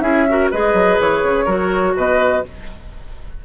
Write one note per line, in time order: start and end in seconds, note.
0.00 0.49 C#4
0.00 0.26 E4
0.00 0.26 G#4
0.00 0.48 E5
0.29 0.53 F#4
0.29 0.51 A#4
0.51 0.73 G#3
0.51 1.47 G#4
0.51 1.45 B4
0.51 1.00 D#5
0.73 0.97 F#3
1.00 1.23 E3
1.00 1.96 C#5
1.23 1.46 C#3
1.45 1.94 F#3
1.45 2.43 F#4
1.45 1.93 A#4
1.95 2.43 B2
1.95 2.44 B4
1.95 2.45 D#5